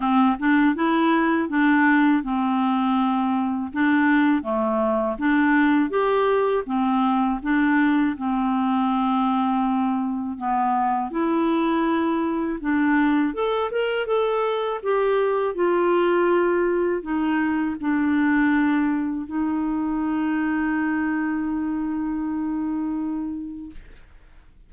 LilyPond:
\new Staff \with { instrumentName = "clarinet" } { \time 4/4 \tempo 4 = 81 c'8 d'8 e'4 d'4 c'4~ | c'4 d'4 a4 d'4 | g'4 c'4 d'4 c'4~ | c'2 b4 e'4~ |
e'4 d'4 a'8 ais'8 a'4 | g'4 f'2 dis'4 | d'2 dis'2~ | dis'1 | }